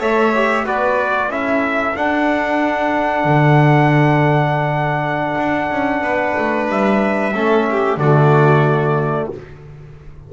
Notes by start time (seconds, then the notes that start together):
0.00 A3 A4 C#5 E5
0.35 G4
0.64 B3 F#4 B4 D5
1.28 C#4 E4 A4 E5
1.95 D4 F#5
3.25 D3
5.38 D4
5.71 C#4
6.01 B3 B4
6.38 A3
6.69 G3 E5
7.35 A3 C#4 A4
7.71 G4
7.97 D3 A3 F#4 D5